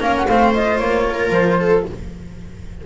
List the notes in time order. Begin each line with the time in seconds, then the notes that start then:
0.00 A#3 C#4 A#4 F5
0.16 F#5
0.27 A3 C4 C5 F5
0.54 F4 D#5
0.78 A#3 C#5
1.10 A#4
1.31 F3 C5
1.60 A4